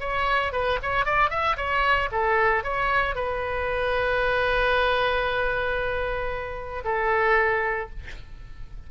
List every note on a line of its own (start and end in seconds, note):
0.00 0.52 C#5
0.52 0.79 B4
0.83 1.05 C#5
1.05 1.30 D5
1.30 1.56 E5
1.57 2.09 C#5
2.12 2.64 A4
2.64 3.15 C#5
3.15 6.83 B4
6.84 7.90 A4